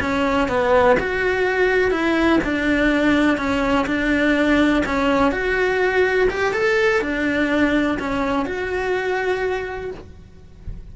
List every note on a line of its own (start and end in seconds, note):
0.00 0.48 C#4
0.48 0.96 B3
1.00 1.91 F#4
1.91 2.39 E4
2.43 3.37 D4
3.37 3.86 C#4
3.86 4.83 D4
4.85 5.31 C#4
5.31 6.28 F#4
6.30 6.53 G4
6.53 7.01 A4
7.01 7.98 D4
7.99 8.45 C#4
8.45 9.90 F#4